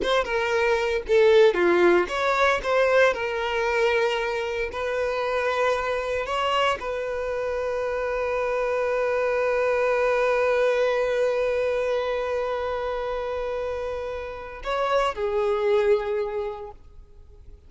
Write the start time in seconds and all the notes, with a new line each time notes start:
0.02 C5
0.24 A#4
1.07 A4
1.54 F4
2.08 C#5
2.63 C5
3.13 A#4
4.72 B4
6.25 C#5
6.79 B4
14.63 C#5
15.14 G#4